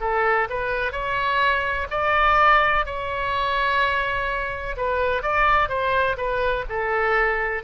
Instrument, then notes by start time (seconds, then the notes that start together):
oboe
0.00 A4
0.49 B4
0.92 C#5
1.90 D5
2.85 C#5
4.77 B4
5.23 D5
5.68 C5
6.17 B4
6.69 A4